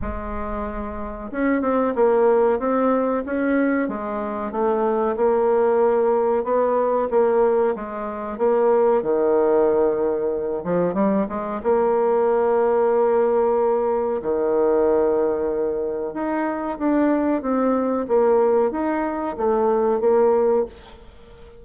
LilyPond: \new Staff \with { instrumentName = "bassoon" } { \time 4/4 \tempo 4 = 93 gis2 cis'8 c'8 ais4 | c'4 cis'4 gis4 a4 | ais2 b4 ais4 | gis4 ais4 dis2~ |
dis8 f8 g8 gis8 ais2~ | ais2 dis2~ | dis4 dis'4 d'4 c'4 | ais4 dis'4 a4 ais4 | }